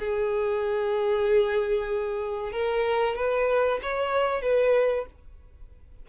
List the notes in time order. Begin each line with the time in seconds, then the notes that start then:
0.00 G#4
2.53 A#4
3.16 B4
3.83 C#5
4.42 B4